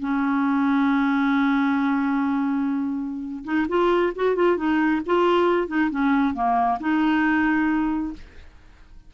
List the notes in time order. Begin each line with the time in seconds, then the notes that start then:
0.00 C#4
3.45 D#4
3.69 F4
4.16 F#4
4.36 F4
4.57 D#4
5.07 F4
5.68 D#4
5.91 C#4
6.34 A#3
6.80 D#4